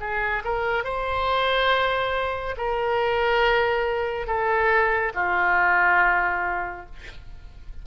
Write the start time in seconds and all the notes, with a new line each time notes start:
0.00 G#4
0.45 A#4
0.84 C5
2.58 A#4
4.27 A4
5.15 F4